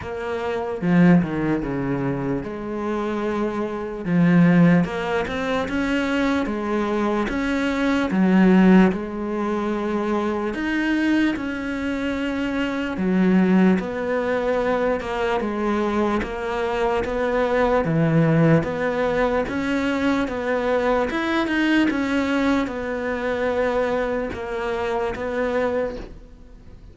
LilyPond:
\new Staff \with { instrumentName = "cello" } { \time 4/4 \tempo 4 = 74 ais4 f8 dis8 cis4 gis4~ | gis4 f4 ais8 c'8 cis'4 | gis4 cis'4 fis4 gis4~ | gis4 dis'4 cis'2 |
fis4 b4. ais8 gis4 | ais4 b4 e4 b4 | cis'4 b4 e'8 dis'8 cis'4 | b2 ais4 b4 | }